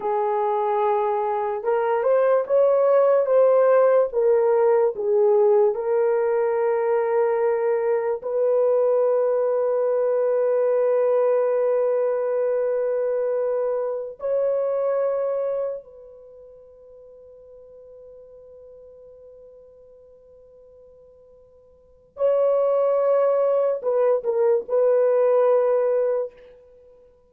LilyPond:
\new Staff \with { instrumentName = "horn" } { \time 4/4 \tempo 4 = 73 gis'2 ais'8 c''8 cis''4 | c''4 ais'4 gis'4 ais'4~ | ais'2 b'2~ | b'1~ |
b'4~ b'16 cis''2 b'8.~ | b'1~ | b'2. cis''4~ | cis''4 b'8 ais'8 b'2 | }